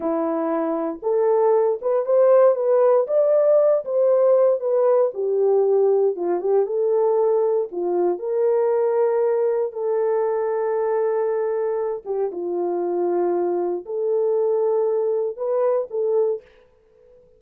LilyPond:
\new Staff \with { instrumentName = "horn" } { \time 4/4 \tempo 4 = 117 e'2 a'4. b'8 | c''4 b'4 d''4. c''8~ | c''4 b'4 g'2 | f'8 g'8 a'2 f'4 |
ais'2. a'4~ | a'2.~ a'8 g'8 | f'2. a'4~ | a'2 b'4 a'4 | }